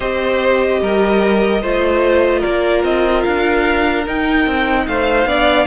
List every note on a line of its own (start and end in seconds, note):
0.00 0.81 C4
0.00 1.62 G4
0.00 0.80 C5
0.00 2.42 D#5
0.81 1.62 G3
0.81 1.61 A#4
1.61 2.43 A3
1.61 4.05 F4
1.61 2.39 C5
2.39 2.83 A#3
2.39 4.83 A#4
2.39 2.83 D5
2.83 3.24 C4
2.83 3.23 D#5
3.23 4.07 D4
3.23 4.04 F5
4.06 5.28 D#4
4.06 4.46 D#4
4.06 4.87 G5
4.46 4.86 C4
4.87 5.25 A3
4.87 5.28 C5
4.87 5.66 F5
5.25 5.65 B3
5.25 5.66 D4
5.25 5.66 D5